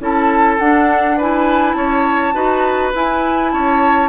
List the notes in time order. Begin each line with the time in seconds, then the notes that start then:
0.00 C#4 E4 A4 A5
0.59 D4 F#5
1.17 E4 B4 G#5
1.73 C#4 C#5 A5
2.34 D#4 F#4 B4
2.94 E4 G#5
3.51 C#4 C#5 A5